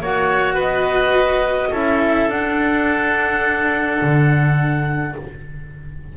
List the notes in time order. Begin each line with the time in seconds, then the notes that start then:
0.00 A#3 F#4 C#5 F#5
0.55 B3 B4
0.61 D#5
1.71 C#4 E4 A4 E5
2.29 D4 F#5
4.02 D3